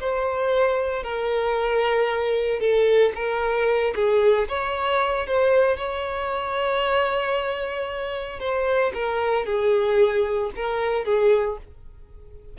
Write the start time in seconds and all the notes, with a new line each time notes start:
0.00 C5
1.03 A#4
2.60 A4
3.15 A#4
3.95 G#4
4.48 C#5
5.27 C5
5.77 C#5
8.39 C5
8.94 A#4
9.46 G#4
10.56 A#4
11.05 G#4